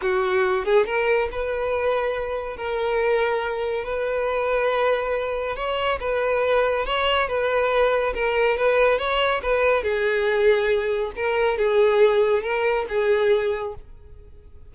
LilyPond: \new Staff \with { instrumentName = "violin" } { \time 4/4 \tempo 4 = 140 fis'4. gis'8 ais'4 b'4~ | b'2 ais'2~ | ais'4 b'2.~ | b'4 cis''4 b'2 |
cis''4 b'2 ais'4 | b'4 cis''4 b'4 gis'4~ | gis'2 ais'4 gis'4~ | gis'4 ais'4 gis'2 | }